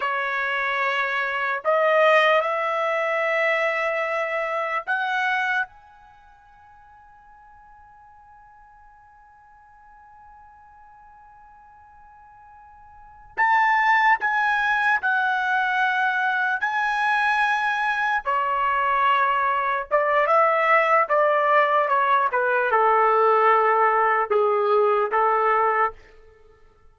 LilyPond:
\new Staff \with { instrumentName = "trumpet" } { \time 4/4 \tempo 4 = 74 cis''2 dis''4 e''4~ | e''2 fis''4 gis''4~ | gis''1~ | gis''1~ |
gis''8 a''4 gis''4 fis''4.~ | fis''8 gis''2 cis''4.~ | cis''8 d''8 e''4 d''4 cis''8 b'8 | a'2 gis'4 a'4 | }